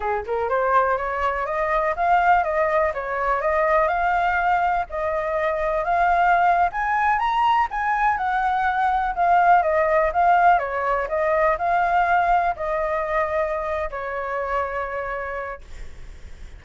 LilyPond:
\new Staff \with { instrumentName = "flute" } { \time 4/4 \tempo 4 = 123 gis'8 ais'8 c''4 cis''4 dis''4 | f''4 dis''4 cis''4 dis''4 | f''2 dis''2 | f''4.~ f''16 gis''4 ais''4 gis''16~ |
gis''8. fis''2 f''4 dis''16~ | dis''8. f''4 cis''4 dis''4 f''16~ | f''4.~ f''16 dis''2~ dis''16~ | dis''8 cis''2.~ cis''8 | }